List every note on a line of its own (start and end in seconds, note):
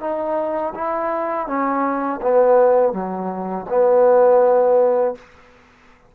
0.00 0.73 D#4
0.74 1.47 E4
1.47 2.20 C#4
2.22 2.92 B3
2.92 3.65 F#3
3.69 5.15 B3